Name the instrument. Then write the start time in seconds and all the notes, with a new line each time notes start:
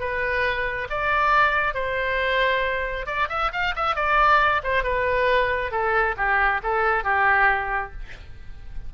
oboe
0.00 B4
0.90 D5
1.75 C5
3.06 D5
3.29 E5
3.53 F5
3.76 E5
3.96 D5
4.64 C5
4.84 B4
5.72 A4
6.17 G4
6.63 A4
7.04 G4